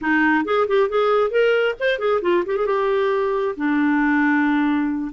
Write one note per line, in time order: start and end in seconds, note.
0.01 0.44 D#4
0.44 0.66 G#4
0.67 0.89 G4
0.89 1.30 G#4
1.30 1.74 A#4
1.79 1.98 C5
1.98 2.20 G#4
2.21 2.43 F4
2.45 2.56 G4
2.56 2.66 G#4
2.66 3.55 G4
3.56 5.11 D4